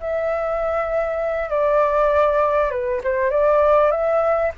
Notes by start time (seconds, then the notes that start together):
0.00 E5
1.50 D5
2.71 B4
3.04 C5
3.30 D5
3.91 E5